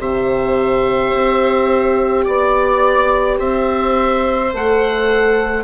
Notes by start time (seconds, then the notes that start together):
0.00 C3 G4 C5 E5
1.13 C4
2.25 B3 D5
3.39 C4 C5 E5
4.54 A3 A4 F#5